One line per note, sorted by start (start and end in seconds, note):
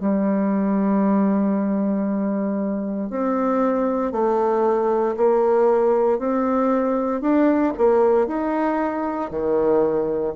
0.00 3.10 G3
3.10 4.12 C4
4.12 5.15 A3
5.17 6.19 A#3
6.19 7.21 C4
7.21 7.73 D4
7.78 8.27 A#3
8.27 9.31 D#4
9.31 10.34 D#3